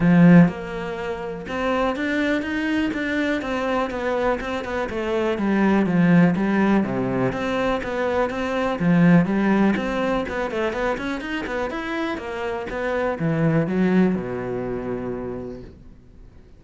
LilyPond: \new Staff \with { instrumentName = "cello" } { \time 4/4 \tempo 4 = 123 f4 ais2 c'4 | d'4 dis'4 d'4 c'4 | b4 c'8 b8 a4 g4 | f4 g4 c4 c'4 |
b4 c'4 f4 g4 | c'4 b8 a8 b8 cis'8 dis'8 b8 | e'4 ais4 b4 e4 | fis4 b,2. | }